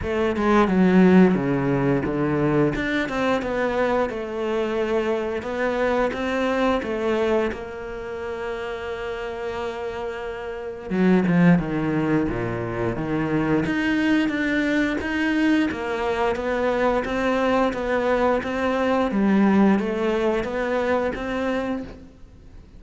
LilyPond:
\new Staff \with { instrumentName = "cello" } { \time 4/4 \tempo 4 = 88 a8 gis8 fis4 cis4 d4 | d'8 c'8 b4 a2 | b4 c'4 a4 ais4~ | ais1 |
fis8 f8 dis4 ais,4 dis4 | dis'4 d'4 dis'4 ais4 | b4 c'4 b4 c'4 | g4 a4 b4 c'4 | }